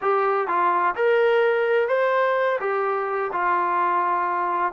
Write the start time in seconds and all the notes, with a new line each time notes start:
0.01 G4
0.47 F4
0.95 A#4
1.88 C5
2.60 G4
3.32 F4